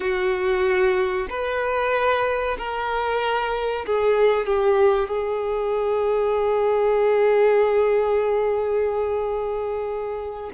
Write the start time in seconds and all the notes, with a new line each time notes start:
0.00 F#4
1.29 B4
2.58 A#4
3.86 G#4
4.46 G4
5.08 G#4